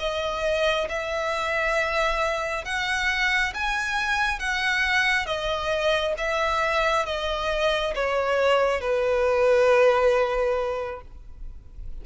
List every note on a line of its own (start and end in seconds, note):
0.00 0.88 D#5
0.89 2.65 E5
2.65 3.53 F#5
3.54 4.40 G#5
4.40 5.26 F#5
5.26 6.14 D#5
6.18 7.06 E5
7.06 7.94 D#5
7.95 8.81 C#5
8.81 11.02 B4